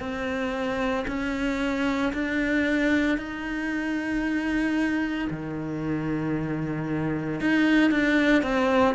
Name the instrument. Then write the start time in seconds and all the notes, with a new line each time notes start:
cello
0.00 C4
1.08 C#4
2.13 D4
3.18 D#4
5.31 D#3
7.41 D#4
7.91 D4
8.43 C4